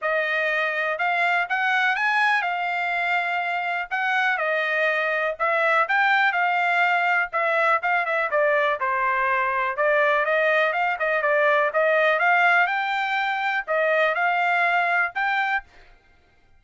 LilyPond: \new Staff \with { instrumentName = "trumpet" } { \time 4/4 \tempo 4 = 123 dis''2 f''4 fis''4 | gis''4 f''2. | fis''4 dis''2 e''4 | g''4 f''2 e''4 |
f''8 e''8 d''4 c''2 | d''4 dis''4 f''8 dis''8 d''4 | dis''4 f''4 g''2 | dis''4 f''2 g''4 | }